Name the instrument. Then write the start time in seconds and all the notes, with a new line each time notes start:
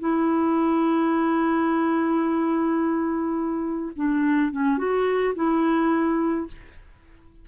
clarinet
0.00 E4
3.96 D4
4.52 C#4
4.78 F#4
5.36 E4